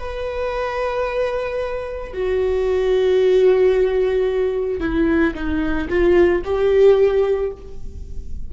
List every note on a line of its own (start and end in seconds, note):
0.00 2.14 B4
2.14 4.81 F#4
4.81 5.34 E4
5.35 5.89 D#4
5.89 6.43 F4
6.45 7.52 G4